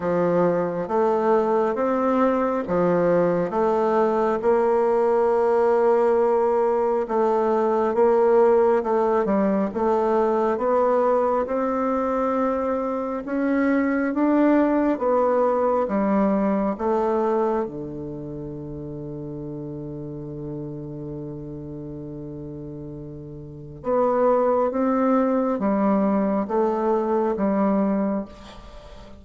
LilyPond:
\new Staff \with { instrumentName = "bassoon" } { \time 4/4 \tempo 4 = 68 f4 a4 c'4 f4 | a4 ais2. | a4 ais4 a8 g8 a4 | b4 c'2 cis'4 |
d'4 b4 g4 a4 | d1~ | d2. b4 | c'4 g4 a4 g4 | }